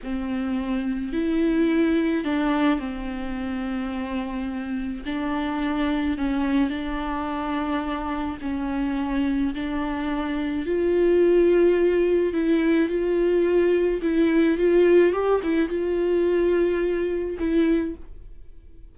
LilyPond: \new Staff \with { instrumentName = "viola" } { \time 4/4 \tempo 4 = 107 c'2 e'2 | d'4 c'2.~ | c'4 d'2 cis'4 | d'2. cis'4~ |
cis'4 d'2 f'4~ | f'2 e'4 f'4~ | f'4 e'4 f'4 g'8 e'8 | f'2. e'4 | }